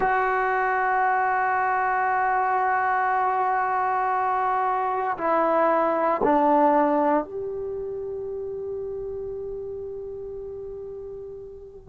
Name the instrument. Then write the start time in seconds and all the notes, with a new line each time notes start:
trombone
0.00 F#4
5.17 E4
6.23 D4
7.24 G4